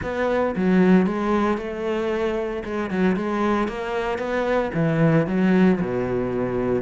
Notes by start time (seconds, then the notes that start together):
0.02 B3
0.56 F#3
1.06 G#3
1.57 A3
2.64 G#3
2.90 F#3
3.16 G#3
3.67 A#3
4.18 B3
4.74 E3
5.26 F#3
5.80 B2